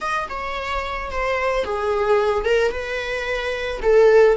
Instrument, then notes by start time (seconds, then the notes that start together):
viola
0.00 D#5
0.29 C#5
1.11 C5
1.64 G#4
2.44 A#4
2.71 B4
3.82 A4